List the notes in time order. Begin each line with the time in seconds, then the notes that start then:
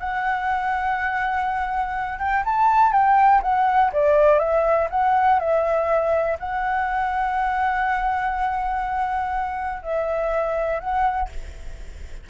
0.00 F#5
2.19 G5
2.45 A5
2.93 G5
3.42 F#5
3.93 D5
4.39 E5
4.90 F#5
5.40 E5
6.40 F#5
9.83 E5
10.80 F#5